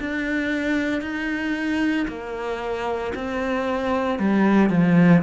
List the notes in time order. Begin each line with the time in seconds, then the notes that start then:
0.00 D4
1.01 D#4
2.08 A#3
3.15 C4
4.19 G3
4.70 F3